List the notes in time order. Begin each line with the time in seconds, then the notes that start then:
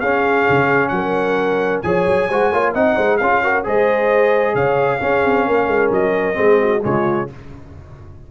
0.00 C#4 G#4 F5
0.50 C#3
0.89 F#3 A#4 F#5
1.82 F3 G#4 C#5 G#5
2.07 F#3
2.29 G#3 F#4 C5
2.50 A#3 F4 C#5
2.74 C4 D#4 D#5 F#5
2.96 G#3 C5
3.17 C#4 F4 G#4 F5
3.43 F#4 A#4
3.64 G#3 G#4 C5 D#5
4.54 C#3 C#5 F5
5.00 C#4 G#4
5.25 C4
5.47 A#3 A#4
5.67 G#3
5.91 F#3 D#5
6.34 G#3 C4 G#4
6.61 F#4
6.82 C#3 G#3 F4 C#5